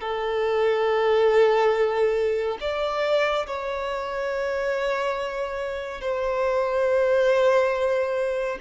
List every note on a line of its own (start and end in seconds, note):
0.00 2.57 A4
2.60 3.46 D5
3.46 6.01 C#5
6.01 8.58 C5